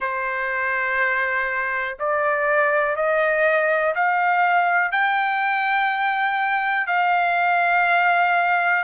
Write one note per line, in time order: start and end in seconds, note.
0.00 1.97 C5
1.99 2.96 D5
2.96 3.94 D#5
3.95 4.91 F5
4.91 6.86 G5
6.86 8.83 F5